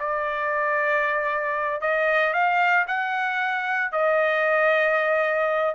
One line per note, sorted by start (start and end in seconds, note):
0.00 1.82 D5
1.82 2.34 D#5
2.34 2.86 F5
2.88 3.92 F#5
3.92 5.75 D#5